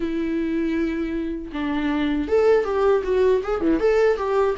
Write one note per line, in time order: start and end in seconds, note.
0.00 1.51 E4
1.52 2.28 D4
2.28 2.64 A4
2.64 3.02 G4
3.03 3.41 F#4
3.43 3.60 G#4
3.60 3.79 E3
3.79 4.17 A4
4.17 4.55 G4